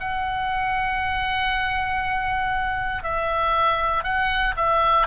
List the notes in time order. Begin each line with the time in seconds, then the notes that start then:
0.00 F#5
3.03 E5
4.04 F#5
4.56 E5